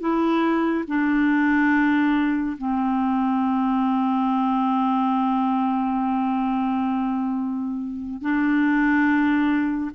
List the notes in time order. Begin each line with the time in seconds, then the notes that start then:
0.00 E4
0.88 D4
2.58 C4
8.22 D4